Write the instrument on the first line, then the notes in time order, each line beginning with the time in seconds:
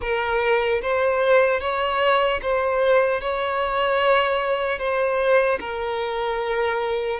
violin
0.01 A#4
0.81 C5
1.60 C#5
2.41 C5
3.21 C#5
4.78 C5
5.60 A#4